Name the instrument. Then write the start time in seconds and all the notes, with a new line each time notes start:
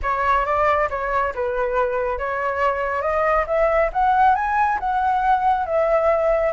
flute
0.02 C#5
0.45 D5
0.90 C#5
1.34 B4
2.18 C#5
3.01 D#5
3.46 E5
3.92 F#5
4.35 G#5
4.79 F#5
5.65 E5